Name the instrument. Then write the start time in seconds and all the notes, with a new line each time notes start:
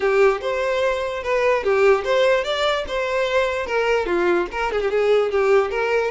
violin
0.00 G4
0.41 C5
1.23 B4
1.63 G4
2.04 C5
2.43 D5
2.87 C5
3.66 A#4
4.05 F4
4.51 A#4
4.71 G#4
4.81 G4
4.90 G#4
5.31 G4
5.71 A#4